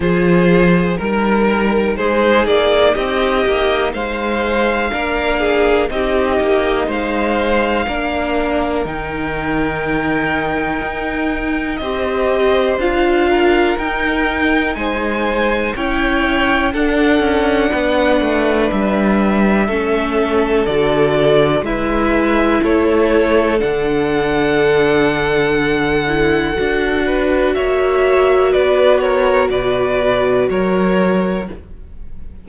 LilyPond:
<<
  \new Staff \with { instrumentName = "violin" } { \time 4/4 \tempo 4 = 61 c''4 ais'4 c''8 d''8 dis''4 | f''2 dis''4 f''4~ | f''4 g''2. | dis''4 f''4 g''4 gis''4 |
g''4 fis''2 e''4~ | e''4 d''4 e''4 cis''4 | fis''1 | e''4 d''8 cis''8 d''4 cis''4 | }
  \new Staff \with { instrumentName = "violin" } { \time 4/4 gis'4 ais'4 gis'4 g'4 | c''4 ais'8 gis'8 g'4 c''4 | ais'1 | c''4. ais'4. c''4 |
cis''4 a'4 b'2 | a'2 b'4 a'4~ | a'2.~ a'8 b'8 | cis''4 b'8 ais'8 b'4 ais'4 | }
  \new Staff \with { instrumentName = "viola" } { \time 4/4 f'4 dis'2.~ | dis'4 d'4 dis'2 | d'4 dis'2. | g'4 f'4 dis'2 |
e'4 d'2. | cis'4 fis'4 e'2 | d'2~ d'8 e'8 fis'4~ | fis'1 | }
  \new Staff \with { instrumentName = "cello" } { \time 4/4 f4 g4 gis8 ais8 c'8 ais8 | gis4 ais4 c'8 ais8 gis4 | ais4 dis2 dis'4 | c'4 d'4 dis'4 gis4 |
cis'4 d'8 cis'8 b8 a8 g4 | a4 d4 gis4 a4 | d2. d'4 | ais4 b4 b,4 fis4 | }
>>